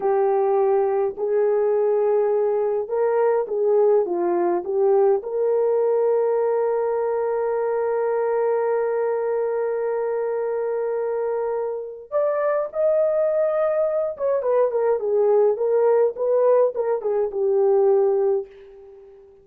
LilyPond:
\new Staff \with { instrumentName = "horn" } { \time 4/4 \tempo 4 = 104 g'2 gis'2~ | gis'4 ais'4 gis'4 f'4 | g'4 ais'2.~ | ais'1~ |
ais'1~ | ais'4 d''4 dis''2~ | dis''8 cis''8 b'8 ais'8 gis'4 ais'4 | b'4 ais'8 gis'8 g'2 | }